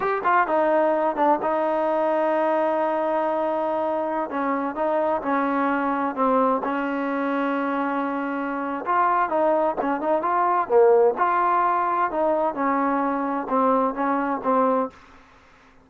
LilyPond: \new Staff \with { instrumentName = "trombone" } { \time 4/4 \tempo 4 = 129 g'8 f'8 dis'4. d'8 dis'4~ | dis'1~ | dis'4~ dis'16 cis'4 dis'4 cis'8.~ | cis'4~ cis'16 c'4 cis'4.~ cis'16~ |
cis'2. f'4 | dis'4 cis'8 dis'8 f'4 ais4 | f'2 dis'4 cis'4~ | cis'4 c'4 cis'4 c'4 | }